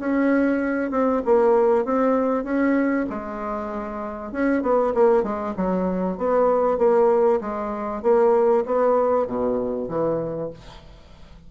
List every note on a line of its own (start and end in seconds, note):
0.00 0.91 C#4
0.91 1.22 C4
1.25 1.85 A#3
1.85 2.44 C4
2.44 3.06 C#4
3.10 4.32 G#3
4.32 4.62 C#4
4.62 4.93 B3
4.95 5.23 A#3
5.23 5.54 G#3
5.57 6.17 F#3
6.17 6.78 B3
6.78 7.40 A#3
7.41 8.02 G#3
8.02 8.64 A#3
8.66 9.27 B3
9.27 9.89 B2
9.89 10.50 E3